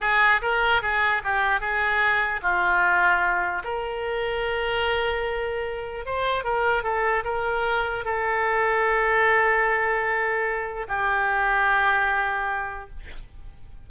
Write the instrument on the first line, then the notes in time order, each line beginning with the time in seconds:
oboe
0.00 G#4
0.41 A#4
0.82 G#4
1.23 G4
1.60 G#4
2.42 F4
3.64 A#4
6.05 C5
6.44 A#4
6.83 A4
7.24 A#4
8.04 A4
10.88 G4